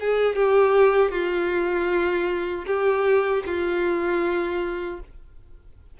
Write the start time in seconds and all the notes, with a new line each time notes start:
0.00 G#4
0.35 G4
1.12 F4
2.66 G4
3.46 F4